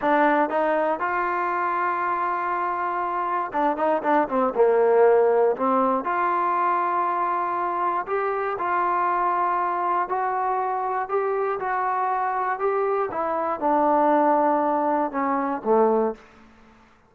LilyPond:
\new Staff \with { instrumentName = "trombone" } { \time 4/4 \tempo 4 = 119 d'4 dis'4 f'2~ | f'2. d'8 dis'8 | d'8 c'8 ais2 c'4 | f'1 |
g'4 f'2. | fis'2 g'4 fis'4~ | fis'4 g'4 e'4 d'4~ | d'2 cis'4 a4 | }